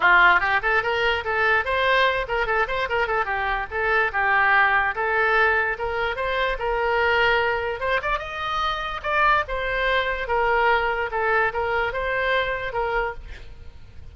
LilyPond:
\new Staff \with { instrumentName = "oboe" } { \time 4/4 \tempo 4 = 146 f'4 g'8 a'8 ais'4 a'4 | c''4. ais'8 a'8 c''8 ais'8 a'8 | g'4 a'4 g'2 | a'2 ais'4 c''4 |
ais'2. c''8 d''8 | dis''2 d''4 c''4~ | c''4 ais'2 a'4 | ais'4 c''2 ais'4 | }